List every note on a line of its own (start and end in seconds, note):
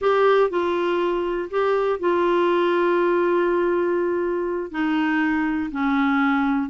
0.01 0.50 G4
0.50 1.49 F4
1.50 1.99 G4
1.99 4.71 F4
4.71 5.70 D#4
5.71 6.70 C#4